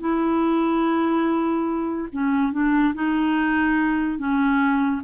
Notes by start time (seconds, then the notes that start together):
0.00 E4
2.12 C#4
2.52 D4
2.94 D#4
4.18 C#4